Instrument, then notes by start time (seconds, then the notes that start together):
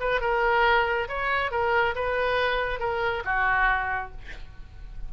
oboe
0.00 B4
0.21 A#4
1.08 C#5
1.51 A#4
1.95 B4
2.80 A#4
3.25 F#4